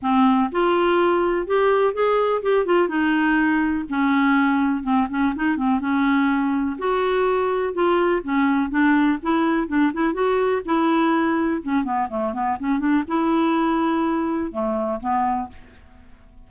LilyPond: \new Staff \with { instrumentName = "clarinet" } { \time 4/4 \tempo 4 = 124 c'4 f'2 g'4 | gis'4 g'8 f'8 dis'2 | cis'2 c'8 cis'8 dis'8 c'8 | cis'2 fis'2 |
f'4 cis'4 d'4 e'4 | d'8 e'8 fis'4 e'2 | cis'8 b8 a8 b8 cis'8 d'8 e'4~ | e'2 a4 b4 | }